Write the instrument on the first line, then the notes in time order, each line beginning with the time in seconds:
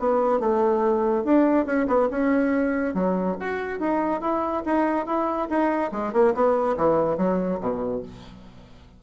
bassoon
0.00 B3
0.40 A3
1.25 D4
1.66 C#4
1.88 B3
2.11 C#4
2.95 F#3
3.41 F#4
3.80 D#4
4.22 E4
4.66 D#4
5.07 E4
5.50 D#4
5.93 G#3
6.13 A#3
6.35 B3
6.77 E3
7.18 F#3
7.61 B2